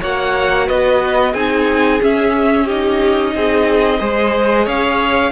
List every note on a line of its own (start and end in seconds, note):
0.00 0.69 A#3
0.00 1.34 F#4
0.00 0.67 C#5
0.00 0.68 F#5
0.67 1.34 B3
0.67 1.32 B4
0.67 1.34 D#5
1.32 2.00 C4
1.32 2.00 D#4
1.32 2.64 G#4
1.32 2.00 G#5
2.00 2.67 C#4
2.00 3.35 C#4
2.00 2.68 E5
2.64 3.99 D#4
2.64 3.31 G4
2.64 4.67 D#5
3.35 4.00 C4
3.35 3.99 G#4
3.99 4.66 G#3
3.99 5.31 G#4
3.99 4.64 C5
4.64 5.31 C#4
4.64 5.31 C#5
4.64 5.31 F5